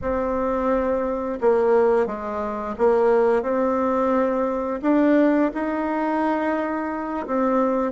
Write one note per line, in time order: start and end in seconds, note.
0.01 1.39 C4
1.40 2.06 A#3
2.06 2.75 G#3
2.77 3.42 A#3
3.42 4.80 C4
4.82 5.51 D4
5.54 7.26 D#4
7.26 7.92 C4